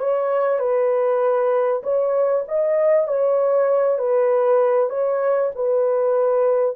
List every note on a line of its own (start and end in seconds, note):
0.00 0.60 C#5
0.60 1.82 B4
1.84 2.45 C#5
2.48 3.08 D#5
3.08 3.99 C#5
3.99 4.90 B4
4.90 5.51 C#5
5.55 6.77 B4